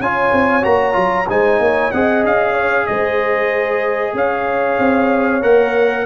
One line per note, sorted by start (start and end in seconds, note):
0.00 0.32 C#4
0.00 0.62 F4
0.00 1.30 C#5
0.00 0.65 G#5
0.33 0.65 C4
0.62 0.96 A#3
0.62 0.93 F#4
0.62 1.29 A#5
0.93 1.28 F#3
0.93 1.25 F4
1.30 1.60 G#3
1.30 1.93 D#4
1.30 1.61 C5
1.30 1.92 G#5
1.60 1.91 A#3
1.60 1.94 C#5
1.92 2.24 C4
1.92 5.42 G#4
1.92 2.54 D#5
1.92 2.24 F#5
2.24 2.88 C#4
2.24 2.87 F5
2.54 2.86 C#5
2.87 4.14 G#3
2.87 4.16 C5
2.87 4.15 D#5
4.14 4.78 C#4
4.14 6.07 C#5
4.14 5.43 F5
4.79 5.43 C4
5.42 6.07 A#3
5.42 6.06 A#4
5.42 6.07 F#5